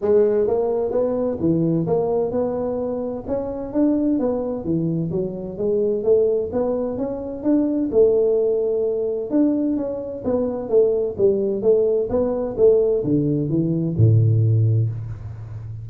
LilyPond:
\new Staff \with { instrumentName = "tuba" } { \time 4/4 \tempo 4 = 129 gis4 ais4 b4 e4 | ais4 b2 cis'4 | d'4 b4 e4 fis4 | gis4 a4 b4 cis'4 |
d'4 a2. | d'4 cis'4 b4 a4 | g4 a4 b4 a4 | d4 e4 a,2 | }